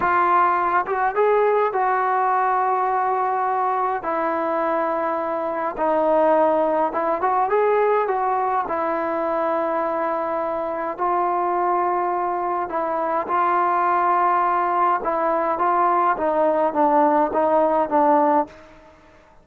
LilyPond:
\new Staff \with { instrumentName = "trombone" } { \time 4/4 \tempo 4 = 104 f'4. fis'8 gis'4 fis'4~ | fis'2. e'4~ | e'2 dis'2 | e'8 fis'8 gis'4 fis'4 e'4~ |
e'2. f'4~ | f'2 e'4 f'4~ | f'2 e'4 f'4 | dis'4 d'4 dis'4 d'4 | }